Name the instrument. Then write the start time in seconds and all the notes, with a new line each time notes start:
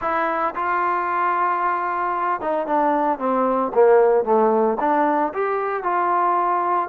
trombone
0.01 E4
0.55 F4
2.40 D#4
2.67 D4
3.19 C4
3.73 A#3
4.24 A3
4.79 D4
5.33 G4
5.83 F4